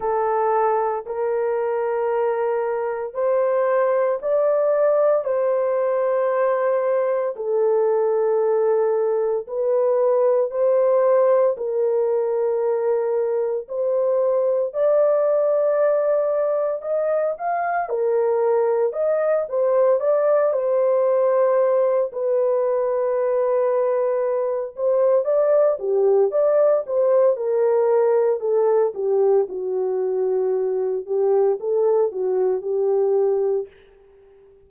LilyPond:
\new Staff \with { instrumentName = "horn" } { \time 4/4 \tempo 4 = 57 a'4 ais'2 c''4 | d''4 c''2 a'4~ | a'4 b'4 c''4 ais'4~ | ais'4 c''4 d''2 |
dis''8 f''8 ais'4 dis''8 c''8 d''8 c''8~ | c''4 b'2~ b'8 c''8 | d''8 g'8 d''8 c''8 ais'4 a'8 g'8 | fis'4. g'8 a'8 fis'8 g'4 | }